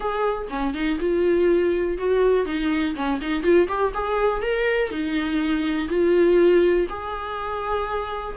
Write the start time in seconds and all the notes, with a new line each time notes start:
0.00 G#4
0.49 C#4
0.74 D#4
0.99 F4
1.98 F#4
2.45 D#4
2.95 C#4
3.21 D#4
3.43 F4
3.68 G4
3.93 G#4
4.42 A#4
4.90 D#4
5.88 F4
6.89 G#4